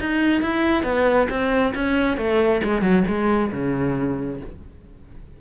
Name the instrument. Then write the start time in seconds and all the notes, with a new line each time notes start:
cello
0.00 D#4
0.42 E4
0.83 B3
1.30 C4
1.75 C#4
2.17 A3
2.64 G#3
2.82 F#3
3.07 G#3
3.52 C#3